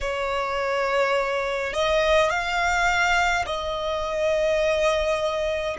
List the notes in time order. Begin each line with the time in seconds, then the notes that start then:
0.01 C#5
1.73 D#5
2.30 F5
3.46 D#5